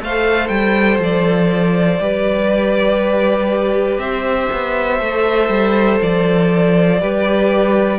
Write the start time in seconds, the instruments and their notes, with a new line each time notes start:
0.00 cello A3, viola A4, violin C5 F5
0.48 cello G3, violin G5
0.99 cello F3, violin D5
2.00 cello G3, viola G4, violin B4
3.98 cello C4, violin C5 E5
4.53 cello B3
5.00 cello A3, viola A4
5.49 cello G3
6.02 cello F3, violin D5
7.02 cello G3, viola G4, violin B4